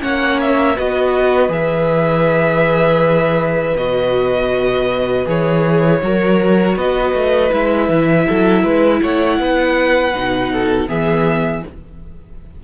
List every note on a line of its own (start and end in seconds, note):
0.00 0.78 A#3
0.00 0.75 C#4
0.00 0.77 C#5
0.00 0.40 F#5
0.41 0.78 E5
0.77 1.49 B3
0.77 1.49 F#4
0.77 6.02 B4
0.77 1.52 D#5
1.49 3.74 E3
1.49 3.74 G#4
1.49 3.77 E5
3.76 5.26 B2
3.76 5.26 F#4
3.76 5.27 D#5
5.26 6.02 E3
5.26 6.01 G#4
5.26 6.78 C#5
6.03 6.76 F#3
6.03 7.50 F#4
6.03 6.77 A#4
6.76 7.14 B3
6.76 8.27 B4
6.76 7.53 D#5
7.14 7.52 A3
7.50 7.89 G#3
7.50 10.12 E4
7.50 9.03 E5
7.89 8.27 E3
8.28 8.64 F#3
8.28 8.64 A4
8.64 9.01 G#3
8.64 9.01 B4
9.03 9.39 A3
9.03 9.40 C#5
9.03 10.89 F#5
9.39 10.14 B3
9.39 10.52 B4
10.15 10.88 B2
10.15 10.88 D#4
10.52 10.89 A4
10.88 11.63 E3
10.88 11.63 B3
10.88 11.64 G#4
10.88 11.64 E5